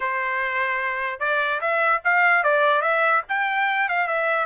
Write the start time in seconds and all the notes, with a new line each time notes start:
0.00 C5
1.19 D5
1.60 E5
2.04 F5
2.43 D5
2.81 E5
3.28 G5
3.88 F5
4.07 E5